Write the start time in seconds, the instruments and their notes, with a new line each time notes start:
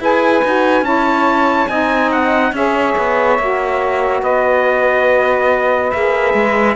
0.00 cello E4, saxophone G#4 B4, trumpet G#5
0.44 cello D#4, saxophone F#4
0.82 cello C#4, saxophone E4 C#5, trumpet A5
1.68 cello C4, saxophone D#4 D#5, trumpet G#5
2.12 trumpet F#5
2.52 cello C#4, saxophone G#4 C#5, trumpet E5
2.98 cello B3
3.39 cello A#3, saxophone F#4
4.21 cello B3, saxophone B4, trumpet D#5
5.91 cello A#3, saxophone G#4, trumpet E5
6.34 cello G#3